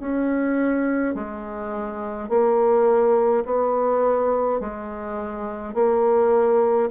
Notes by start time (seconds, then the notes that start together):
0.00 C#4
1.15 G#3
2.29 A#3
3.46 B3
4.61 G#3
5.75 A#3